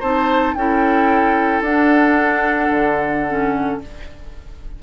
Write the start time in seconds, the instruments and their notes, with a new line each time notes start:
0.00 bassoon C4, clarinet D#4, oboe C5, flute A5
0.55 bassoon C#4, clarinet E4, oboe A4, flute G5
1.61 bassoon D4, clarinet D4, flute F#5
2.70 bassoon D3
3.27 clarinet C#4